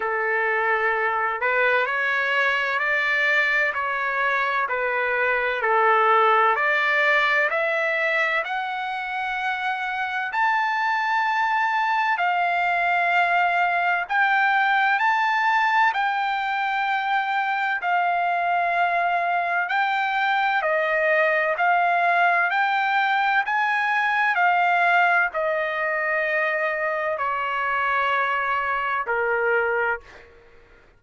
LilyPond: \new Staff \with { instrumentName = "trumpet" } { \time 4/4 \tempo 4 = 64 a'4. b'8 cis''4 d''4 | cis''4 b'4 a'4 d''4 | e''4 fis''2 a''4~ | a''4 f''2 g''4 |
a''4 g''2 f''4~ | f''4 g''4 dis''4 f''4 | g''4 gis''4 f''4 dis''4~ | dis''4 cis''2 ais'4 | }